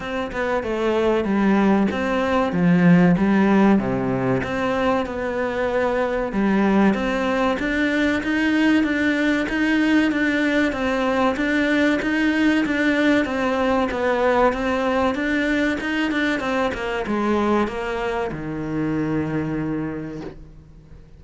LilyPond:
\new Staff \with { instrumentName = "cello" } { \time 4/4 \tempo 4 = 95 c'8 b8 a4 g4 c'4 | f4 g4 c4 c'4 | b2 g4 c'4 | d'4 dis'4 d'4 dis'4 |
d'4 c'4 d'4 dis'4 | d'4 c'4 b4 c'4 | d'4 dis'8 d'8 c'8 ais8 gis4 | ais4 dis2. | }